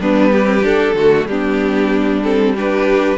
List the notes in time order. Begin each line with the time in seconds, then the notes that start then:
0.00 G3 B3 D4 B4
0.32 G4
0.44 C4
0.61 D4 A4
0.94 D3 A3 F#4
1.24 G3 B3 D4 G4
2.23 C4 A4
2.54 D4 G4 B4